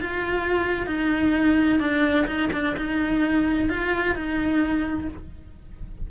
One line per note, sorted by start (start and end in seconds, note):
0.00 0.86 F4
0.86 1.79 D#4
1.79 2.26 D4
2.26 2.49 D#4
2.52 2.76 D4
2.77 3.69 D#4
3.69 4.15 F4
4.15 5.08 D#4